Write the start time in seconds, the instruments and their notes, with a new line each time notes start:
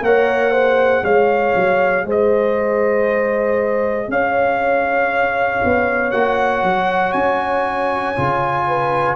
0.00 tuba A#3, trombone A#4, horn C#5, trumpet F#5
0.51 trombone G#4, horn C5
1.03 tuba G#3, horn C#5, trumpet F5
1.55 tuba F#3
2.04 tuba G#3, horn C5, trumpet D#5
4.08 tuba C#4, horn C#5, trumpet F5
5.64 tuba B3
6.11 tuba A#3, trombone F#4, trumpet F#5
6.63 tuba F#3
7.12 tuba C#4, trumpet G#5
8.15 tuba C#3, trombone F4
8.67 horn B4